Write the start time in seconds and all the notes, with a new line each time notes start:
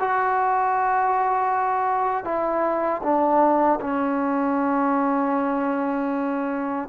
0.00 F#4
2.24 E4
3.03 D4
3.81 C#4